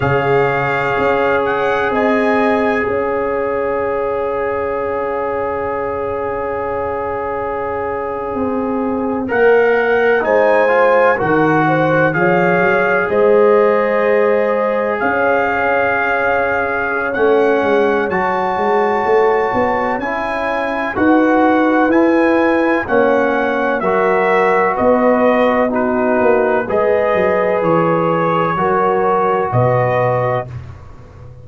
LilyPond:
<<
  \new Staff \with { instrumentName = "trumpet" } { \time 4/4 \tempo 4 = 63 f''4. fis''8 gis''4 f''4~ | f''1~ | f''4.~ f''16 fis''4 gis''4 fis''16~ | fis''8. f''4 dis''2 f''16~ |
f''2 fis''4 a''4~ | a''4 gis''4 fis''4 gis''4 | fis''4 e''4 dis''4 b'4 | dis''4 cis''2 dis''4 | }
  \new Staff \with { instrumentName = "horn" } { \time 4/4 cis''2 dis''4 cis''4~ | cis''1~ | cis''2~ cis''8. c''4 ais'16~ | ais'16 c''8 cis''4 c''2 cis''16~ |
cis''1~ | cis''2 b'2 | cis''4 ais'4 b'4 fis'4 | b'2 ais'4 b'4 | }
  \new Staff \with { instrumentName = "trombone" } { \time 4/4 gis'1~ | gis'1~ | gis'4.~ gis'16 ais'4 dis'8 f'8 fis'16~ | fis'8. gis'2.~ gis'16~ |
gis'2 cis'4 fis'4~ | fis'4 e'4 fis'4 e'4 | cis'4 fis'2 dis'4 | gis'2 fis'2 | }
  \new Staff \with { instrumentName = "tuba" } { \time 4/4 cis4 cis'4 c'4 cis'4~ | cis'1~ | cis'8. c'4 ais4 gis4 dis16~ | dis8. f8 fis8 gis2 cis'16~ |
cis'2 a8 gis8 fis8 gis8 | a8 b8 cis'4 dis'4 e'4 | ais4 fis4 b4. ais8 | gis8 fis8 e4 fis4 b,4 | }
>>